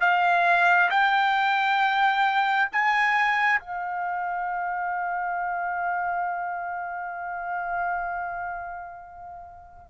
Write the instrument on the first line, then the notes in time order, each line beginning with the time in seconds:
trumpet
0.00 F5
0.90 G5
2.72 G#5
3.59 F5